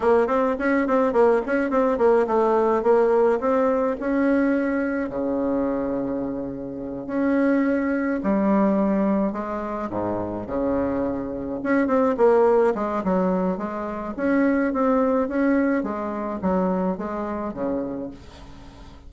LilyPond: \new Staff \with { instrumentName = "bassoon" } { \time 4/4 \tempo 4 = 106 ais8 c'8 cis'8 c'8 ais8 cis'8 c'8 ais8 | a4 ais4 c'4 cis'4~ | cis'4 cis2.~ | cis8 cis'2 g4.~ |
g8 gis4 gis,4 cis4.~ | cis8 cis'8 c'8 ais4 gis8 fis4 | gis4 cis'4 c'4 cis'4 | gis4 fis4 gis4 cis4 | }